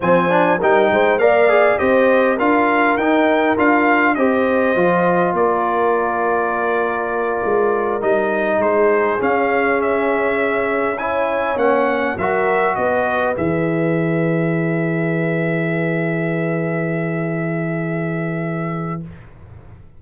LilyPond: <<
  \new Staff \with { instrumentName = "trumpet" } { \time 4/4 \tempo 4 = 101 gis''4 g''4 f''4 dis''4 | f''4 g''4 f''4 dis''4~ | dis''4 d''2.~ | d''4. dis''4 c''4 f''8~ |
f''8 e''2 gis''4 fis''8~ | fis''8 e''4 dis''4 e''4.~ | e''1~ | e''1 | }
  \new Staff \with { instrumentName = "horn" } { \time 4/4 c''4 ais'8 c''8 d''4 c''4 | ais'2. c''4~ | c''4 ais'2.~ | ais'2~ ais'8 gis'4.~ |
gis'2~ gis'8 cis''4.~ | cis''8 ais'4 b'2~ b'8~ | b'1~ | b'1 | }
  \new Staff \with { instrumentName = "trombone" } { \time 4/4 c'8 d'8 dis'4 ais'8 gis'8 g'4 | f'4 dis'4 f'4 g'4 | f'1~ | f'4. dis'2 cis'8~ |
cis'2~ cis'8 e'4 cis'8~ | cis'8 fis'2 gis'4.~ | gis'1~ | gis'1 | }
  \new Staff \with { instrumentName = "tuba" } { \time 4/4 f4 g8 gis8 ais4 c'4 | d'4 dis'4 d'4 c'4 | f4 ais2.~ | ais8 gis4 g4 gis4 cis'8~ |
cis'2.~ cis'8 ais8~ | ais8 fis4 b4 e4.~ | e1~ | e1 | }
>>